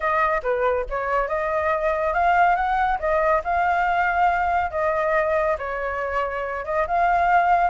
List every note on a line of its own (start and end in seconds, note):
0.00 0.41 D#5
0.42 0.85 B4
0.89 1.28 C#5
1.28 2.13 D#5
2.13 2.55 F5
2.55 2.98 F#5
2.99 3.42 D#5
3.44 4.70 F5
4.70 5.56 D#5
5.58 6.64 C#5
6.64 6.86 D#5
6.87 7.70 F5